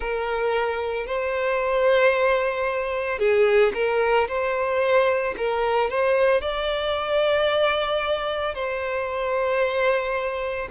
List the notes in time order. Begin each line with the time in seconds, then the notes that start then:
0.00 A#4
1.06 C5
3.19 G#4
3.74 A#4
4.28 C5
5.37 A#4
5.90 C5
6.40 D5
8.54 C5